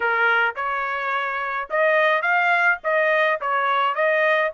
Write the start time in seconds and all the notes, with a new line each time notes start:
0.00 A#4
0.55 C#5
1.70 D#5
2.22 F5
2.83 D#5
3.40 C#5
3.94 D#5